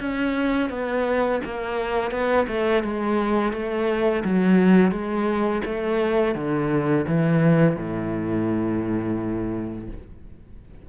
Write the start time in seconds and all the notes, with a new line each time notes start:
0.00 C#4
0.70 B3
1.45 A#3
2.11 B3
2.48 A3
2.84 G#3
3.53 A3
4.24 F#3
4.91 G#3
5.65 A3
6.35 D3
7.07 E3
7.76 A2